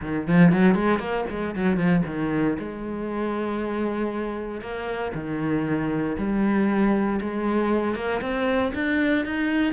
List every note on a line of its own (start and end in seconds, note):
0.01 0.27 D#3
0.27 0.52 F3
0.52 0.74 F#3
0.74 0.99 G#3
0.99 1.24 A#3
1.29 1.55 G#3
1.55 1.76 F#3
1.76 2.02 F3
2.06 2.57 D#3
2.59 4.61 G#3
4.61 5.12 A#3
5.14 6.17 D#3
6.17 7.20 G3
7.21 7.95 G#3
7.95 8.20 A#3
8.21 8.72 C4
8.74 9.25 D4
9.25 9.73 D#4